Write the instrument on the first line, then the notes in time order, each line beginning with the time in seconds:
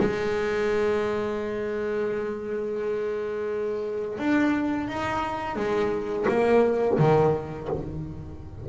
double bass
0.00 G#3
4.18 D4
4.88 D#4
5.56 G#3
6.29 A#3
6.99 D#3